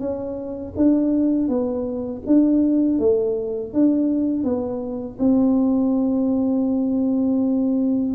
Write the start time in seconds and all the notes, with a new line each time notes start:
0.00 C#4
0.77 D4
1.49 B3
2.27 D4
3.00 A3
3.74 D4
4.44 B3
5.20 C4